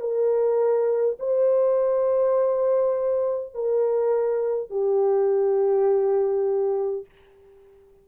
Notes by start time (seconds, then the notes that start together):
0.00 A#4
1.19 C5
3.54 A#4
4.70 G4